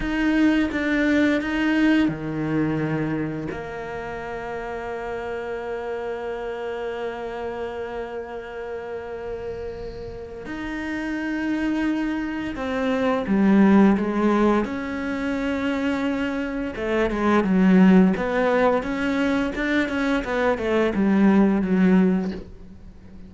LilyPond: \new Staff \with { instrumentName = "cello" } { \time 4/4 \tempo 4 = 86 dis'4 d'4 dis'4 dis4~ | dis4 ais2.~ | ais1~ | ais2. dis'4~ |
dis'2 c'4 g4 | gis4 cis'2. | a8 gis8 fis4 b4 cis'4 | d'8 cis'8 b8 a8 g4 fis4 | }